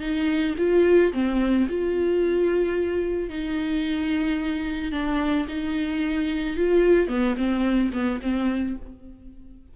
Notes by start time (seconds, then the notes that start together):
0.00 D#4
0.58 F4
1.13 C4
1.68 F4
3.29 D#4
4.91 D4
5.48 D#4
6.56 F4
7.08 B3
7.37 C4
7.93 B3
8.21 C4